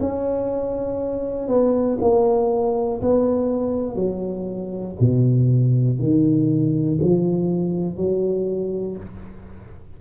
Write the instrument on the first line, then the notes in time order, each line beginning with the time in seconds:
tuba
0.00 C#4
1.48 B3
2.00 A#3
3.01 B3
3.95 F#3
5.00 B2
5.99 D#3
7.01 F3
7.96 F#3